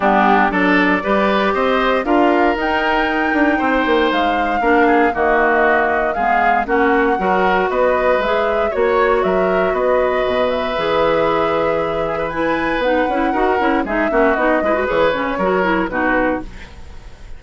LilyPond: <<
  \new Staff \with { instrumentName = "flute" } { \time 4/4 \tempo 4 = 117 g'4 d''2 dis''4 | f''4 g''2. | f''2 dis''2 | f''4 fis''2 dis''4 |
e''4 cis''4 e''4 dis''4~ | dis''8 e''2.~ e''8 | gis''4 fis''2 e''4 | dis''4 cis''2 b'4 | }
  \new Staff \with { instrumentName = "oboe" } { \time 4/4 d'4 a'4 b'4 c''4 | ais'2. c''4~ | c''4 ais'8 gis'8 fis'2 | gis'4 fis'4 ais'4 b'4~ |
b'4 cis''4 ais'4 b'4~ | b'2.~ b'8 gis'16 b'16~ | b'2 ais'4 gis'8 fis'8~ | fis'8 b'4. ais'4 fis'4 | }
  \new Staff \with { instrumentName = "clarinet" } { \time 4/4 b4 d'4 g'2 | f'4 dis'2.~ | dis'4 d'4 ais2 | b4 cis'4 fis'2 |
gis'4 fis'2.~ | fis'4 gis'2. | e'4 dis'8 e'8 fis'8 e'8 dis'8 cis'8 | dis'8 e'16 fis'16 gis'8 cis'8 fis'8 e'8 dis'4 | }
  \new Staff \with { instrumentName = "bassoon" } { \time 4/4 g4 fis4 g4 c'4 | d'4 dis'4. d'8 c'8 ais8 | gis4 ais4 dis2 | gis4 ais4 fis4 b4 |
gis4 ais4 fis4 b4 | b,4 e2.~ | e4 b8 cis'8 dis'8 cis'8 gis8 ais8 | b8 gis8 e8 cis8 fis4 b,4 | }
>>